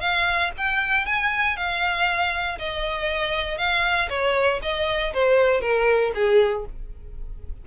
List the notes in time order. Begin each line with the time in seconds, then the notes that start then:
0.00 F5
0.57 G5
1.06 G#5
1.56 F5
2.58 D#5
3.58 F5
4.09 C#5
4.62 D#5
5.13 C5
5.61 A#4
6.15 G#4